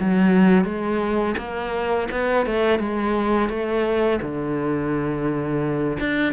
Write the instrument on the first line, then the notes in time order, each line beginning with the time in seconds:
cello
0.00 F#3
0.64 G#3
1.38 A#3
2.11 B3
2.46 A3
2.79 G#3
3.49 A3
4.22 D3
6.00 D4